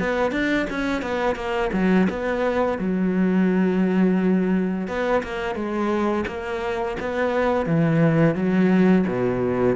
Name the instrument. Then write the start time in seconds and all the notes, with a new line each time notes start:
cello
0.00 B3
0.32 D4
0.70 C#4
1.02 B3
1.36 A#3
1.73 F#3
2.10 B3
2.79 F#3
4.88 B3
5.24 A#3
5.56 G#3
6.28 A#3
7.00 B3
7.66 E3
8.36 F#3
9.08 B2